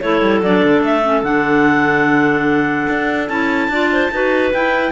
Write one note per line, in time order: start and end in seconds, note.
0.00 0.21 A3
0.00 0.43 E4
0.00 3.71 A4
0.00 0.41 C#5
0.21 0.41 G3
0.41 0.62 F#3
0.41 1.02 D4
0.41 0.84 D5
0.63 0.81 D3
0.81 1.22 A3
0.81 1.23 E5
1.02 1.23 C#4
1.23 2.87 D3
1.23 3.29 D4
1.23 3.28 F#5
2.88 3.29 D4
3.28 3.68 C#4
3.28 3.70 E4
3.28 4.51 A5
3.68 4.09 D4
3.68 4.12 F4
3.68 3.91 D5
3.92 4.13 C5
4.11 4.52 D#4
4.11 4.53 F#4
4.11 4.91 B4
4.53 4.91 E4
4.53 4.91 G5